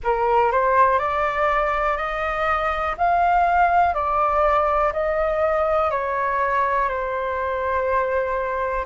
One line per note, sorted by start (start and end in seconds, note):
0.03 0.51 A#4
0.51 0.98 C5
0.98 1.97 D5
1.97 2.95 D#5
2.97 3.93 F5
3.93 4.92 D5
4.92 5.91 D#5
5.91 6.89 C#5
6.89 8.85 C5